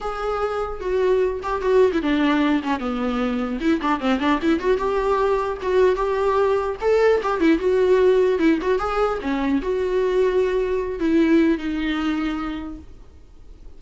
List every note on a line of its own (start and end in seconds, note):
0.00 0.80 G#4
0.80 1.40 F#4
1.42 1.61 G4
1.61 1.91 F#4
1.92 2.01 E4
2.01 2.61 D4
2.63 2.79 C#4
2.79 3.59 B3
3.60 3.80 E4
3.81 4.00 D4
4.00 4.19 C4
4.19 4.39 D4
4.42 4.59 E4
4.59 4.77 F#4
4.77 5.57 G4
5.62 5.95 F#4
5.95 6.75 G4
6.81 7.21 A4
7.22 7.40 G4
7.40 7.59 E4
7.59 8.38 F#4
8.38 8.58 E4
8.61 8.79 F#4
8.79 9.19 G#4
9.21 9.61 C#4
9.62 10.99 F#4
10.99 11.57 E4
11.57 12.77 D#4